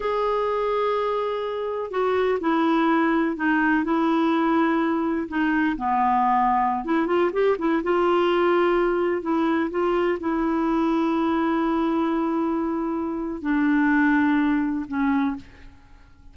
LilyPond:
\new Staff \with { instrumentName = "clarinet" } { \time 4/4 \tempo 4 = 125 gis'1 | fis'4 e'2 dis'4 | e'2. dis'4 | b2~ b16 e'8 f'8 g'8 e'16~ |
e'16 f'2. e'8.~ | e'16 f'4 e'2~ e'8.~ | e'1 | d'2. cis'4 | }